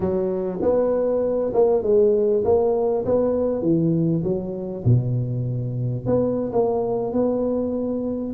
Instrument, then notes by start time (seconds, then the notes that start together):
tuba
0.00 F#3
0.61 B3
1.53 A#3
1.83 G#3
2.44 A#3
3.05 B3
3.61 E3
4.23 F#3
4.85 B2
6.06 B3
6.52 A#3
7.12 B3